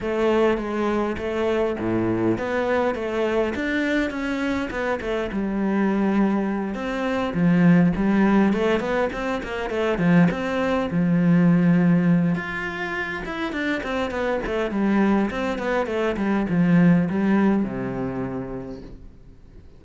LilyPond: \new Staff \with { instrumentName = "cello" } { \time 4/4 \tempo 4 = 102 a4 gis4 a4 a,4 | b4 a4 d'4 cis'4 | b8 a8 g2~ g8 c'8~ | c'8 f4 g4 a8 b8 c'8 |
ais8 a8 f8 c'4 f4.~ | f4 f'4. e'8 d'8 c'8 | b8 a8 g4 c'8 b8 a8 g8 | f4 g4 c2 | }